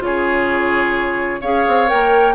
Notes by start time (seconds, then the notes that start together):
0.00 C#3 F4 G#4 C#5
1.41 C#4 G#4 C#5 F5
1.67 C4
1.87 A#3 A#4 G5